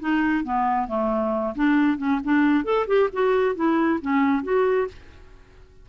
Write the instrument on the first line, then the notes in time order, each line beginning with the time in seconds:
clarinet
0.00 D#4
0.44 B3
0.88 A3
1.55 D4
1.98 C#4
2.24 D4
2.64 A4
2.87 G4
3.13 F#4
3.55 E4
4.01 C#4
4.43 F#4